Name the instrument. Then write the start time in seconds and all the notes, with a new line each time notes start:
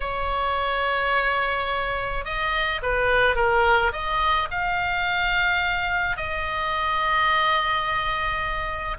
oboe
0.00 C#5
2.24 D#5
2.82 B4
3.35 A#4
3.92 D#5
4.51 F5
6.17 D#5